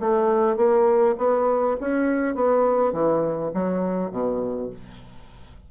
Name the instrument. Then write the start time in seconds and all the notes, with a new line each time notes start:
bassoon
0.00 A3
0.57 A#3
1.18 B3
1.81 C#4
2.35 B3
2.93 E3
3.54 F#3
4.11 B2